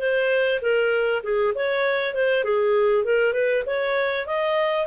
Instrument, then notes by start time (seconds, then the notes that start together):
clarinet
0.00 C5
0.62 A#4
1.24 G#4
1.55 C#5
2.15 C5
2.45 G#4
3.05 A#4
3.34 B4
3.66 C#5
4.27 D#5